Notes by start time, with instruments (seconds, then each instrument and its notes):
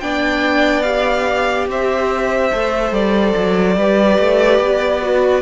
0.00 cello B3, viola D4, violin D5 G5
0.82 viola G4, violin F5
1.68 cello C4, violin C5 E5
2.52 cello A3, viola A4
2.91 cello G3, violin D5
3.37 cello F#3
3.77 cello G3, viola G4, violin B4
4.19 cello A3
4.59 cello B3
5.02 viola F#4